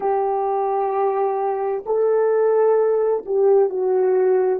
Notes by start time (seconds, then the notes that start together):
0.00 G4
1.85 A4
3.25 G4
3.69 F#4